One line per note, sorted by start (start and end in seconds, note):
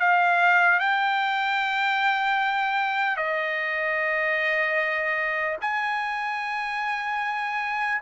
0.00 0.79 F5
0.79 3.17 G5
3.17 5.57 D#5
5.61 8.01 G#5